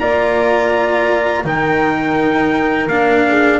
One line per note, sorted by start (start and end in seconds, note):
0.00 1.45 A#3
0.00 1.45 F4
0.00 1.45 D5
0.00 1.45 A#5
1.45 2.87 D#3
1.45 2.89 D#4
1.45 3.25 A#4
1.45 2.89 G5
2.87 3.60 A#3
2.87 3.60 D4
2.87 3.60 F5
3.29 3.60 G#4